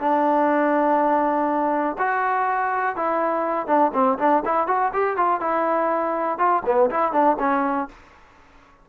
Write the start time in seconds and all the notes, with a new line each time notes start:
0.00 D4
1.98 F#4
2.96 E4
3.67 D4
3.93 C4
4.18 D4
4.45 E4
4.67 F#4
4.93 G4
5.17 F4
5.41 E4
6.38 F4
6.65 B3
6.90 E4
7.12 D4
7.39 C#4